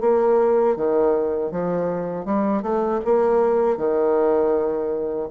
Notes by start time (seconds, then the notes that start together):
0.00 A#3
0.76 D#3
1.51 F3
2.25 G3
2.62 A3
3.04 A#3
3.77 D#3